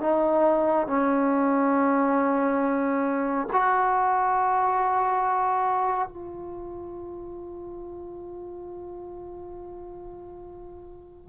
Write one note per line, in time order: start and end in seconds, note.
0.00 0.87 D#4
0.87 3.47 C#4
3.53 6.08 F#4
6.08 11.29 F4